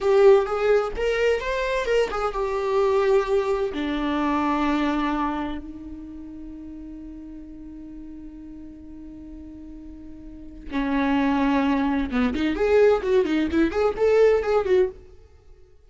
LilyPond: \new Staff \with { instrumentName = "viola" } { \time 4/4 \tempo 4 = 129 g'4 gis'4 ais'4 c''4 | ais'8 gis'8 g'2. | d'1 | dis'1~ |
dis'1~ | dis'2. cis'4~ | cis'2 b8 dis'8 gis'4 | fis'8 dis'8 e'8 gis'8 a'4 gis'8 fis'8 | }